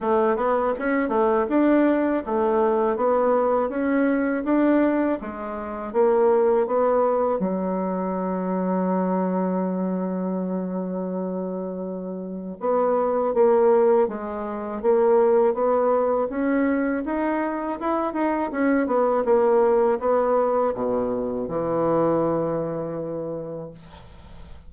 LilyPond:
\new Staff \with { instrumentName = "bassoon" } { \time 4/4 \tempo 4 = 81 a8 b8 cis'8 a8 d'4 a4 | b4 cis'4 d'4 gis4 | ais4 b4 fis2~ | fis1~ |
fis4 b4 ais4 gis4 | ais4 b4 cis'4 dis'4 | e'8 dis'8 cis'8 b8 ais4 b4 | b,4 e2. | }